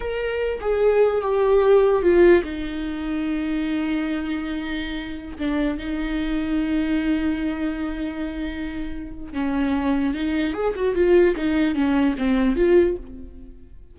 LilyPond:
\new Staff \with { instrumentName = "viola" } { \time 4/4 \tempo 4 = 148 ais'4. gis'4. g'4~ | g'4 f'4 dis'2~ | dis'1~ | dis'4~ dis'16 d'4 dis'4.~ dis'16~ |
dis'1~ | dis'2. cis'4~ | cis'4 dis'4 gis'8 fis'8 f'4 | dis'4 cis'4 c'4 f'4 | }